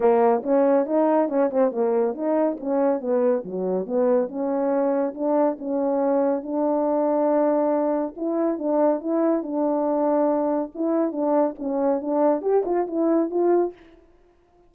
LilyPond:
\new Staff \with { instrumentName = "horn" } { \time 4/4 \tempo 4 = 140 ais4 cis'4 dis'4 cis'8 c'8 | ais4 dis'4 cis'4 b4 | fis4 b4 cis'2 | d'4 cis'2 d'4~ |
d'2. e'4 | d'4 e'4 d'2~ | d'4 e'4 d'4 cis'4 | d'4 g'8 f'8 e'4 f'4 | }